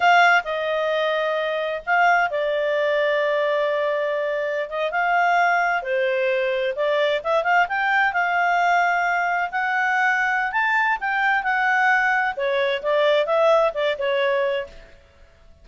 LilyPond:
\new Staff \with { instrumentName = "clarinet" } { \time 4/4 \tempo 4 = 131 f''4 dis''2. | f''4 d''2.~ | d''2~ d''16 dis''8 f''4~ f''16~ | f''8. c''2 d''4 e''16~ |
e''16 f''8 g''4 f''2~ f''16~ | f''8. fis''2~ fis''16 a''4 | g''4 fis''2 cis''4 | d''4 e''4 d''8 cis''4. | }